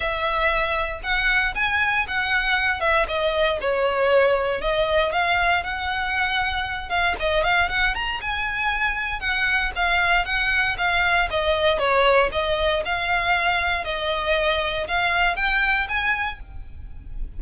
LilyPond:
\new Staff \with { instrumentName = "violin" } { \time 4/4 \tempo 4 = 117 e''2 fis''4 gis''4 | fis''4. e''8 dis''4 cis''4~ | cis''4 dis''4 f''4 fis''4~ | fis''4. f''8 dis''8 f''8 fis''8 ais''8 |
gis''2 fis''4 f''4 | fis''4 f''4 dis''4 cis''4 | dis''4 f''2 dis''4~ | dis''4 f''4 g''4 gis''4 | }